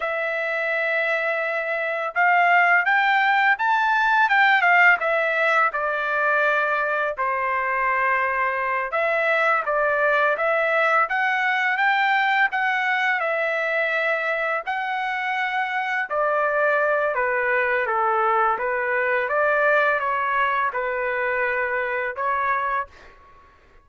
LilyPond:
\new Staff \with { instrumentName = "trumpet" } { \time 4/4 \tempo 4 = 84 e''2. f''4 | g''4 a''4 g''8 f''8 e''4 | d''2 c''2~ | c''8 e''4 d''4 e''4 fis''8~ |
fis''8 g''4 fis''4 e''4.~ | e''8 fis''2 d''4. | b'4 a'4 b'4 d''4 | cis''4 b'2 cis''4 | }